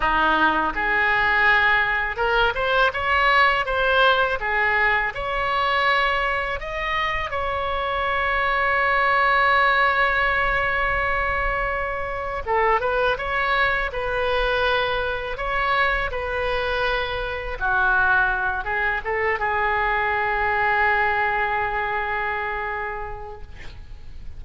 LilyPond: \new Staff \with { instrumentName = "oboe" } { \time 4/4 \tempo 4 = 82 dis'4 gis'2 ais'8 c''8 | cis''4 c''4 gis'4 cis''4~ | cis''4 dis''4 cis''2~ | cis''1~ |
cis''4 a'8 b'8 cis''4 b'4~ | b'4 cis''4 b'2 | fis'4. gis'8 a'8 gis'4.~ | gis'1 | }